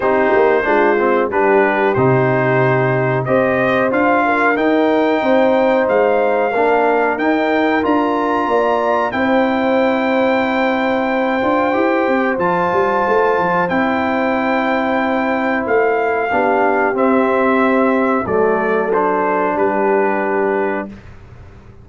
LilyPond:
<<
  \new Staff \with { instrumentName = "trumpet" } { \time 4/4 \tempo 4 = 92 c''2 b'4 c''4~ | c''4 dis''4 f''4 g''4~ | g''4 f''2 g''4 | ais''2 g''2~ |
g''2. a''4~ | a''4 g''2. | f''2 e''2 | d''4 c''4 b'2 | }
  \new Staff \with { instrumentName = "horn" } { \time 4/4 g'4 f'4 g'2~ | g'4 c''4. ais'4. | c''2 ais'2~ | ais'4 d''4 c''2~ |
c''1~ | c''1~ | c''4 g'2. | a'2 g'2 | }
  \new Staff \with { instrumentName = "trombone" } { \time 4/4 dis'4 d'8 c'8 d'4 dis'4~ | dis'4 g'4 f'4 dis'4~ | dis'2 d'4 dis'4 | f'2 e'2~ |
e'4. f'8 g'4 f'4~ | f'4 e'2.~ | e'4 d'4 c'2 | a4 d'2. | }
  \new Staff \with { instrumentName = "tuba" } { \time 4/4 c'8 ais8 gis4 g4 c4~ | c4 c'4 d'4 dis'4 | c'4 gis4 ais4 dis'4 | d'4 ais4 c'2~ |
c'4. d'8 e'8 c'8 f8 g8 | a8 f8 c'2. | a4 b4 c'2 | fis2 g2 | }
>>